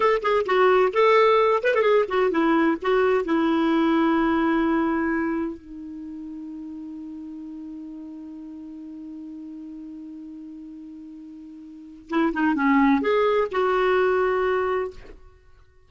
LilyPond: \new Staff \with { instrumentName = "clarinet" } { \time 4/4 \tempo 4 = 129 a'8 gis'8 fis'4 a'4. b'16 a'16 | gis'8 fis'8 e'4 fis'4 e'4~ | e'1 | dis'1~ |
dis'1~ | dis'1~ | dis'2 e'8 dis'8 cis'4 | gis'4 fis'2. | }